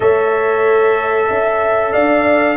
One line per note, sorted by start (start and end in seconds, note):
0.00 1.28 A3
0.00 2.57 A4
0.00 1.28 C#5
0.00 1.92 E5
1.29 1.94 C#4
1.29 1.92 E5
1.92 2.57 D4
1.92 2.57 D5
1.92 2.57 F5